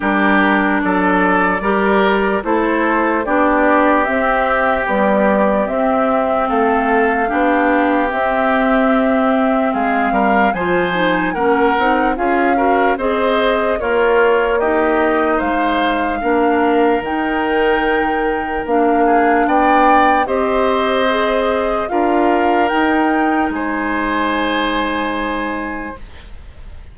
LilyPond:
<<
  \new Staff \with { instrumentName = "flute" } { \time 4/4 \tempo 4 = 74 ais'4 d''2 c''4 | d''4 e''4 d''4 e''4 | f''2 e''2 | f''4 gis''4 fis''4 f''4 |
dis''4 cis''4 dis''4 f''4~ | f''4 g''2 f''4 | g''4 dis''2 f''4 | g''4 gis''2. | }
  \new Staff \with { instrumentName = "oboe" } { \time 4/4 g'4 a'4 ais'4 a'4 | g'1 | a'4 g'2. | gis'8 ais'8 c''4 ais'4 gis'8 ais'8 |
c''4 f'4 g'4 c''4 | ais'2.~ ais'8 gis'8 | d''4 c''2 ais'4~ | ais'4 c''2. | }
  \new Staff \with { instrumentName = "clarinet" } { \time 4/4 d'2 g'4 e'4 | d'4 c'4 g4 c'4~ | c'4 d'4 c'2~ | c'4 f'8 dis'8 cis'8 dis'8 f'8 fis'8 |
gis'4 ais'4 dis'2 | d'4 dis'2 d'4~ | d'4 g'4 gis'4 f'4 | dis'1 | }
  \new Staff \with { instrumentName = "bassoon" } { \time 4/4 g4 fis4 g4 a4 | b4 c'4 b4 c'4 | a4 b4 c'2 | gis8 g8 f4 ais8 c'8 cis'4 |
c'4 ais2 gis4 | ais4 dis2 ais4 | b4 c'2 d'4 | dis'4 gis2. | }
>>